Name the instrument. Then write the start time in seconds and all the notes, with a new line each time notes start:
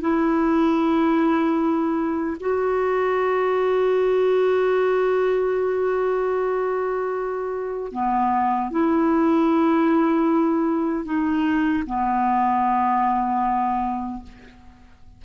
clarinet
0.00 E4
2.40 F#4
7.92 B3
8.71 E4
11.05 D#4
11.86 B3